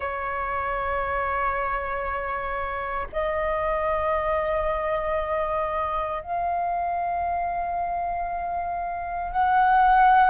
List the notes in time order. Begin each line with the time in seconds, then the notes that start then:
0.00 C#5
3.12 D#5
6.22 F5
9.32 F#5